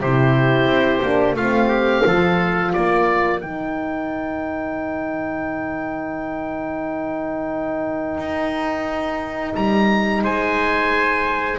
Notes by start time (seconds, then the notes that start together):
0.00 C3 E4 G4 C5
0.66 C4
1.02 A#3 D4
1.34 A3 C4 F4 F5
1.68 G4
2.04 F3 F4 A4
2.73 A#3 A#4 D5
3.40 D#3 D#4 G5
8.18 D#4
9.54 G3 A#5
10.22 G#3 C5 G#5